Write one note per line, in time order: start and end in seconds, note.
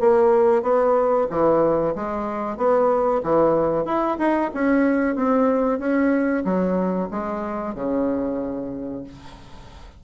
0.00 0.62 A#3
0.62 1.27 B3
1.30 1.95 E3
1.95 2.57 G#3
2.57 3.22 B3
3.23 3.85 E3
3.85 4.17 E4
4.18 4.51 D#4
4.54 5.16 C#4
5.16 5.79 C4
5.79 6.44 C#4
6.45 7.09 F#3
7.11 7.75 G#3
7.75 9.04 C#3